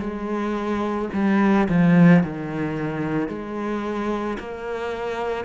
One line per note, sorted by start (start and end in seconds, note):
0.00 1.09 G#3
1.13 1.68 G3
1.69 2.23 F3
2.23 3.28 D#3
3.28 4.37 G#3
4.39 5.44 A#3